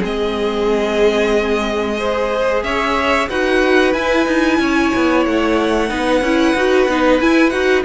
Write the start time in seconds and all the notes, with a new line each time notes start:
0.00 G#3 C4 G#4 D#5
1.99 G#4 C5
2.64 C#4 C#5 E5
3.29 D#4 F#4 B4 F#5
3.94 E4 G#5
4.27 D#4
4.59 C#4 C#5
4.96 B3
5.26 A3 F#5
5.89 B3 D#4 B4
6.22 C#4 E4
6.55 D#4 F#4
6.88 B3 D#4
7.21 E4 G#5
7.50 D#4 F#4 F#5